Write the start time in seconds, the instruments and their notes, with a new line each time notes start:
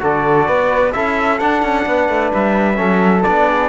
0.00 cello D3, trombone F#4, flute A4, trumpet D5
0.47 cello B3, flute B4
0.93 cello C#4, trombone E4, flute A4, trumpet E5
1.39 trombone D4, cello D4, trumpet F#5
1.63 cello C#4
1.86 cello B3, flute B4
2.09 cello A3
2.34 cello G3, trumpet E5
2.75 cello F#3, trombone C#4, flute A4
3.23 cello B3, trombone D4, trumpet D5
3.48 flute G#4